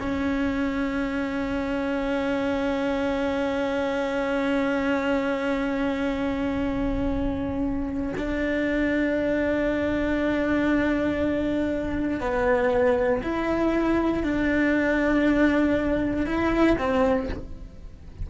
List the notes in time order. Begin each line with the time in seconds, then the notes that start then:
0.00 C#4
8.17 D4
12.20 B3
13.23 E4
14.23 D4
16.26 E4
16.78 C4